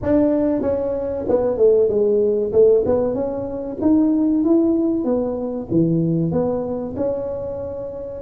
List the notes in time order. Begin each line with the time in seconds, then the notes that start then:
0.02 D4
0.61 C#4
1.28 B3
1.57 A3
1.88 G#3
2.52 A3
2.85 B3
3.14 C#4
3.81 D#4
4.44 E4
5.04 B3
5.70 E3
6.31 B3
6.96 C#4